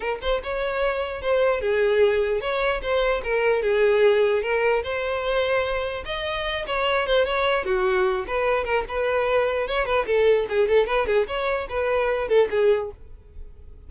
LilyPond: \new Staff \with { instrumentName = "violin" } { \time 4/4 \tempo 4 = 149 ais'8 c''8 cis''2 c''4 | gis'2 cis''4 c''4 | ais'4 gis'2 ais'4 | c''2. dis''4~ |
dis''8 cis''4 c''8 cis''4 fis'4~ | fis'8 b'4 ais'8 b'2 | cis''8 b'8 a'4 gis'8 a'8 b'8 gis'8 | cis''4 b'4. a'8 gis'4 | }